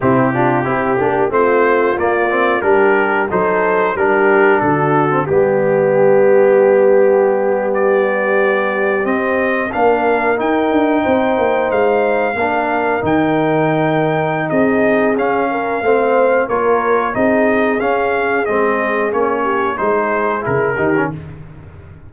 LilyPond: <<
  \new Staff \with { instrumentName = "trumpet" } { \time 4/4 \tempo 4 = 91 g'2 c''4 d''4 | ais'4 c''4 ais'4 a'4 | g'2.~ g'8. d''16~ | d''4.~ d''16 dis''4 f''4 g''16~ |
g''4.~ g''16 f''2 g''16~ | g''2 dis''4 f''4~ | f''4 cis''4 dis''4 f''4 | dis''4 cis''4 c''4 ais'4 | }
  \new Staff \with { instrumentName = "horn" } { \time 4/4 e'8 f'8 g'4 f'2 | g'4 a'4 g'4 fis'4 | g'1~ | g'2~ g'8. ais'4~ ais'16~ |
ais'8. c''2 ais'4~ ais'16~ | ais'2 gis'4. ais'8 | c''4 ais'4 gis'2~ | gis'4. g'8 gis'4. g'8 | }
  \new Staff \with { instrumentName = "trombone" } { \time 4/4 c'8 d'8 e'8 d'8 c'4 ais8 c'8 | d'4 dis'4 d'4.~ d'16 c'16 | b1~ | b4.~ b16 c'4 d'4 dis'16~ |
dis'2~ dis'8. d'4 dis'16~ | dis'2. cis'4 | c'4 f'4 dis'4 cis'4 | c'4 cis'4 dis'4 e'8 dis'16 cis'16 | }
  \new Staff \with { instrumentName = "tuba" } { \time 4/4 c4 c'8 ais8 a4 ais4 | g4 fis4 g4 d4 | g1~ | g4.~ g16 c'4 ais4 dis'16~ |
dis'16 d'8 c'8 ais8 gis4 ais4 dis16~ | dis2 c'4 cis'4 | a4 ais4 c'4 cis'4 | gis4 ais4 gis4 cis8 dis8 | }
>>